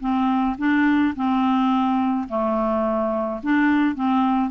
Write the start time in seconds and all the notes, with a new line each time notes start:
0.00 C4
0.58 D4
1.15 C4
2.28 A3
3.43 D4
3.95 C4